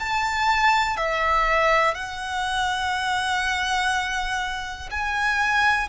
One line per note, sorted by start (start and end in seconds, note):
0.00 0.97 A5
0.97 1.95 E5
1.95 4.90 F#5
4.91 5.89 G#5